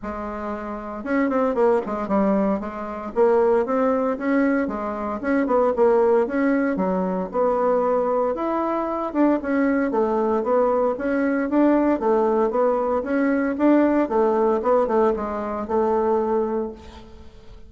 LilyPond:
\new Staff \with { instrumentName = "bassoon" } { \time 4/4 \tempo 4 = 115 gis2 cis'8 c'8 ais8 gis8 | g4 gis4 ais4 c'4 | cis'4 gis4 cis'8 b8 ais4 | cis'4 fis4 b2 |
e'4. d'8 cis'4 a4 | b4 cis'4 d'4 a4 | b4 cis'4 d'4 a4 | b8 a8 gis4 a2 | }